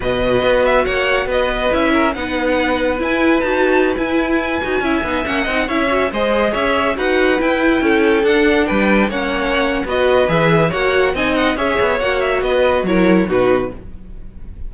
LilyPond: <<
  \new Staff \with { instrumentName = "violin" } { \time 4/4 \tempo 4 = 140 dis''4. e''8 fis''4 dis''4 | e''4 fis''2 gis''4 | a''4~ a''16 gis''2~ gis''8.~ | gis''16 fis''4 e''4 dis''4 e''8.~ |
e''16 fis''4 g''2 fis''8.~ | fis''16 g''4 fis''4.~ fis''16 dis''4 | e''4 fis''4 gis''8 fis''8 e''4 | fis''8 e''8 dis''4 cis''4 b'4 | }
  \new Staff \with { instrumentName = "violin" } { \time 4/4 b'2 cis''4 b'4~ | b'8 ais'8 b'2.~ | b'2.~ b'16 e''8.~ | e''8. dis''8 cis''4 c''4 cis''8.~ |
cis''16 b'2 a'4.~ a'16~ | a'16 b'4 cis''4.~ cis''16 b'4~ | b'4 cis''4 dis''4 cis''4~ | cis''4 b'4 ais'4 fis'4 | }
  \new Staff \with { instrumentName = "viola" } { \time 4/4 fis'1 | e'4 dis'2 e'4 | fis'4~ fis'16 e'4. fis'8 e'8 dis'16~ | dis'16 cis'8 dis'8 e'8 fis'8 gis'4.~ gis'16~ |
gis'16 fis'4 e'2 d'8.~ | d'4~ d'16 cis'4.~ cis'16 fis'4 | gis'4 fis'4 dis'4 gis'4 | fis'2 e'4 dis'4 | }
  \new Staff \with { instrumentName = "cello" } { \time 4/4 b,4 b4 ais4 b4 | cis'4 b2 e'4 | dis'4~ dis'16 e'4. dis'8 cis'8 b16~ | b16 ais8 c'8 cis'4 gis4 cis'8.~ |
cis'16 dis'4 e'4 cis'4 d'8.~ | d'16 g4 ais4.~ ais16 b4 | e4 ais4 c'4 cis'8 b8 | ais4 b4 fis4 b,4 | }
>>